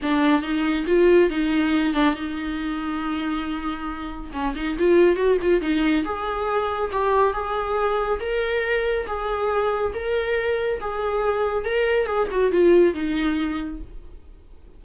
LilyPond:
\new Staff \with { instrumentName = "viola" } { \time 4/4 \tempo 4 = 139 d'4 dis'4 f'4 dis'4~ | dis'8 d'8 dis'2.~ | dis'2 cis'8 dis'8 f'4 | fis'8 f'8 dis'4 gis'2 |
g'4 gis'2 ais'4~ | ais'4 gis'2 ais'4~ | ais'4 gis'2 ais'4 | gis'8 fis'8 f'4 dis'2 | }